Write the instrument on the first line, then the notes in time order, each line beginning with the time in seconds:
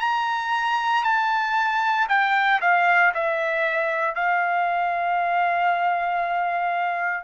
trumpet
0.00 A#5
1.04 A5
2.09 G5
2.61 F5
3.15 E5
4.16 F5